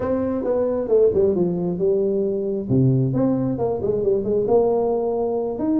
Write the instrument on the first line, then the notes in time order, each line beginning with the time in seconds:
tuba
0.00 C4
0.44 B3
0.88 A3
1.14 G3
1.35 F3
1.78 G3
2.69 C3
3.13 C4
3.58 A#3
3.82 G#3
4.03 G3
4.24 G#3
4.47 A#3
5.58 D#4